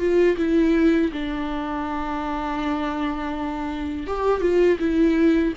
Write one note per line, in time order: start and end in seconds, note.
0.00 0.37 F4
0.38 1.12 E4
1.13 4.07 D4
4.07 4.42 G4
4.42 4.79 F4
4.80 5.54 E4